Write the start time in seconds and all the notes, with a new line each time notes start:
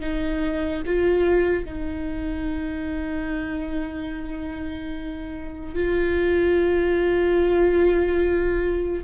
0.00 D#4
0.86 F4
1.65 D#4
5.75 F4